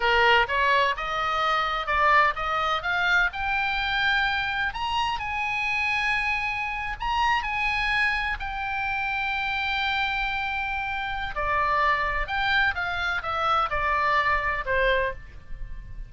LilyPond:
\new Staff \with { instrumentName = "oboe" } { \time 4/4 \tempo 4 = 127 ais'4 cis''4 dis''2 | d''4 dis''4 f''4 g''4~ | g''2 ais''4 gis''4~ | gis''2~ gis''8. ais''4 gis''16~ |
gis''4.~ gis''16 g''2~ g''16~ | g''1 | d''2 g''4 f''4 | e''4 d''2 c''4 | }